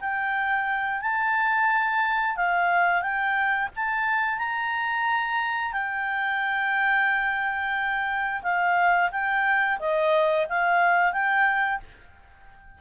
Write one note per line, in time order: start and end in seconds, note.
0.00 1.01 G5
1.01 2.36 A5
2.36 3.02 F5
3.02 3.69 G5
3.76 4.38 A5
4.38 5.72 A#5
5.72 8.42 G5
8.42 9.10 F5
9.11 9.78 G5
9.79 10.46 D#5
10.49 11.12 F5
11.12 11.79 G5